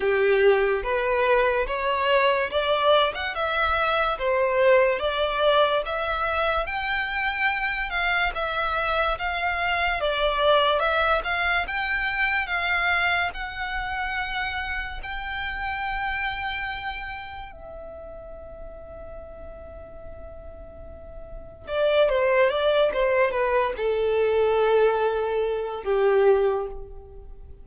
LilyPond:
\new Staff \with { instrumentName = "violin" } { \time 4/4 \tempo 4 = 72 g'4 b'4 cis''4 d''8. fis''16 | e''4 c''4 d''4 e''4 | g''4. f''8 e''4 f''4 | d''4 e''8 f''8 g''4 f''4 |
fis''2 g''2~ | g''4 e''2.~ | e''2 d''8 c''8 d''8 c''8 | b'8 a'2~ a'8 g'4 | }